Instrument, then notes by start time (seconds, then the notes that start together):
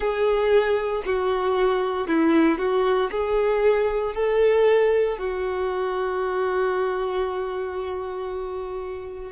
violin
0.00 G#4
1.05 F#4
2.07 E4
2.58 F#4
3.11 G#4
4.14 A4
5.18 F#4